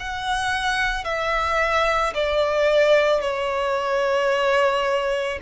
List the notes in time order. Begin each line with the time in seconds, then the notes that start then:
0.00 F#5
1.05 E5
2.14 D5
3.21 C#5